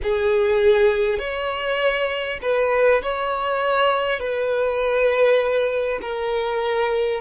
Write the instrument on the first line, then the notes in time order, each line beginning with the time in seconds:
violin
0.03 G#4
1.18 C#5
2.42 B4
3.02 C#5
4.19 B4
6.01 A#4